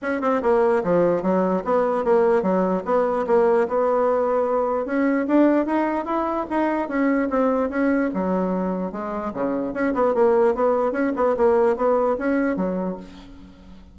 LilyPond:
\new Staff \with { instrumentName = "bassoon" } { \time 4/4 \tempo 4 = 148 cis'8 c'8 ais4 f4 fis4 | b4 ais4 fis4 b4 | ais4 b2. | cis'4 d'4 dis'4 e'4 |
dis'4 cis'4 c'4 cis'4 | fis2 gis4 cis4 | cis'8 b8 ais4 b4 cis'8 b8 | ais4 b4 cis'4 fis4 | }